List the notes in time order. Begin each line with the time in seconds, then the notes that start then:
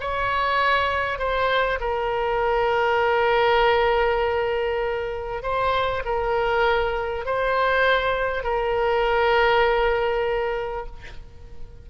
0.00 C#5
1.18 C5
1.80 A#4
5.42 C5
6.05 A#4
7.25 C5
8.44 A#4